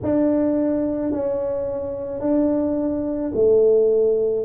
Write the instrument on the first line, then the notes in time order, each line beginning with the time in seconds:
tuba
0.03 D4
1.12 C#4
2.20 D4
3.34 A3